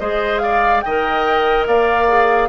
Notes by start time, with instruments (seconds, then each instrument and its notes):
0.00 bassoon G#3, clarinet G#4, oboe C5, flute D#5
0.39 oboe D5, flute F5
0.81 bassoon D#3, oboe D#5, flute G5
0.88 clarinet A#4
1.67 bassoon A#3, oboe D5, flute F5
2.08 clarinet G#4